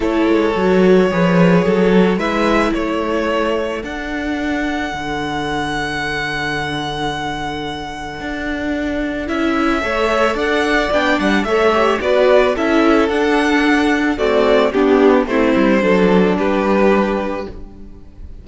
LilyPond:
<<
  \new Staff \with { instrumentName = "violin" } { \time 4/4 \tempo 4 = 110 cis''1 | e''4 cis''2 fis''4~ | fis''1~ | fis''1~ |
fis''4 e''2 fis''4 | g''8 fis''8 e''4 d''4 e''4 | fis''2 d''4 g'4 | c''2 b'2 | }
  \new Staff \with { instrumentName = "violin" } { \time 4/4 a'2 b'4 a'4 | b'4 a'2.~ | a'1~ | a'1~ |
a'2 cis''4 d''4~ | d''4 cis''4 b'4 a'4~ | a'2 fis'4 d'4 | e'4 a'4 g'2 | }
  \new Staff \with { instrumentName = "viola" } { \time 4/4 e'4 fis'4 gis'4. fis'8 | e'2. d'4~ | d'1~ | d'1~ |
d'4 e'4 a'2 | d'4 a'8 g'8 fis'4 e'4 | d'2 a4 b4 | c'4 d'2. | }
  \new Staff \with { instrumentName = "cello" } { \time 4/4 a8 gis8 fis4 f4 fis4 | gis4 a2 d'4~ | d'4 d2.~ | d2. d'4~ |
d'4 cis'4 a4 d'4 | b8 g8 a4 b4 cis'4 | d'2 c'4 b4 | a8 g8 fis4 g2 | }
>>